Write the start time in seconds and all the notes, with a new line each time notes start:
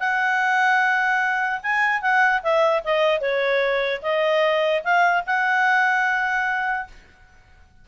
0.00 F#5
1.63 G#5
2.02 F#5
2.43 E5
2.84 D#5
3.21 C#5
4.03 D#5
4.84 F5
5.27 F#5